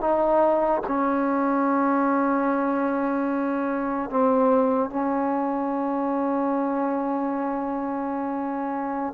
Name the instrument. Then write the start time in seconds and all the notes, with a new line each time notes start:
trombone
0.00 D#4
0.87 C#4
4.09 C4
4.89 C#4